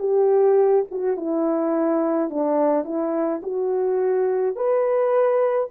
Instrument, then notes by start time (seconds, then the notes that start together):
horn
0.00 G4
0.92 F#4
1.17 E4
2.30 D4
2.85 E4
3.43 F#4
4.56 B4